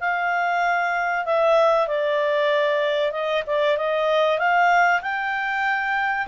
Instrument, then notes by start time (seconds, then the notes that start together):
clarinet
0.00 F5
1.25 E5
1.87 D5
3.12 D#5
3.47 D5
3.77 D#5
4.38 F5
5.02 G5